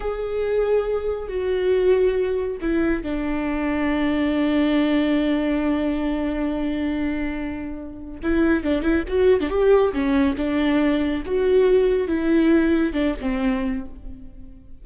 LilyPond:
\new Staff \with { instrumentName = "viola" } { \time 4/4 \tempo 4 = 139 gis'2. fis'4~ | fis'2 e'4 d'4~ | d'1~ | d'1~ |
d'2. e'4 | d'8 e'8 fis'8. d'16 g'4 cis'4 | d'2 fis'2 | e'2 d'8 c'4. | }